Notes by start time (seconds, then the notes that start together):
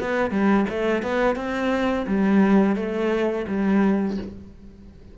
0.00 B3
0.30 G3
0.69 A3
1.02 B3
1.36 C4
2.07 G3
2.76 A3
3.47 G3